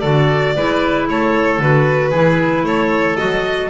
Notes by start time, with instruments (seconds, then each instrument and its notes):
0.00 double bass D3, clarinet F#4, oboe A4, violin D5
0.56 double bass G#3, clarinet E4, oboe B4
1.08 double bass A3, oboe A4, violin C#5
1.58 double bass D3, clarinet F#4, violin B4
2.10 double bass E3, clarinet E4, oboe G#4
2.63 double bass A3, oboe A4, violin C#5
3.16 double bass F#3, clarinet F#4, violin D#5